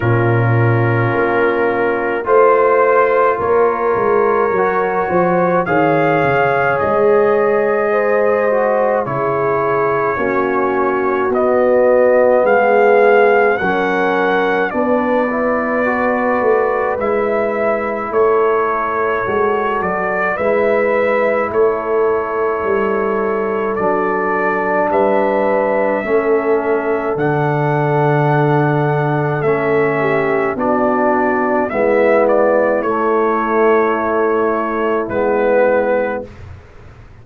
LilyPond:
<<
  \new Staff \with { instrumentName = "trumpet" } { \time 4/4 \tempo 4 = 53 ais'2 c''4 cis''4~ | cis''4 f''4 dis''2 | cis''2 dis''4 f''4 | fis''4 d''2 e''4 |
cis''4. d''8 e''4 cis''4~ | cis''4 d''4 e''2 | fis''2 e''4 d''4 | e''8 d''8 cis''2 b'4 | }
  \new Staff \with { instrumentName = "horn" } { \time 4/4 f'2 c''4 ais'4~ | ais'8 c''8 cis''2 c''4 | gis'4 fis'2 gis'4 | ais'4 b'2. |
a'2 b'4 a'4~ | a'2 b'4 a'4~ | a'2~ a'8 g'8 fis'4 | e'1 | }
  \new Staff \with { instrumentName = "trombone" } { \time 4/4 cis'2 f'2 | fis'4 gis'2~ gis'8 fis'8 | e'4 cis'4 b2 | cis'4 d'8 e'8 fis'4 e'4~ |
e'4 fis'4 e'2~ | e'4 d'2 cis'4 | d'2 cis'4 d'4 | b4 a2 b4 | }
  \new Staff \with { instrumentName = "tuba" } { \time 4/4 ais,4 ais4 a4 ais8 gis8 | fis8 f8 dis8 cis8 gis2 | cis4 ais4 b4 gis4 | fis4 b4. a8 gis4 |
a4 gis8 fis8 gis4 a4 | g4 fis4 g4 a4 | d2 a4 b4 | gis4 a2 gis4 | }
>>